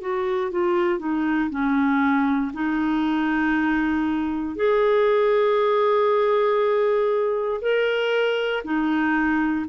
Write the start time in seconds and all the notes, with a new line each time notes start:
0.00 F#4
0.51 F4
0.99 D#4
1.50 C#4
2.53 D#4
4.56 G#4
7.61 A#4
8.64 D#4